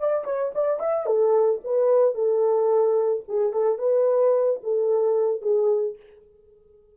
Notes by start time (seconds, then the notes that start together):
0.00 D5
0.25 C#5
0.55 D5
0.80 E5
1.06 A4
1.64 B4
2.15 A4
3.29 G#4
3.53 A4
3.79 B4
4.64 A4
5.42 G#4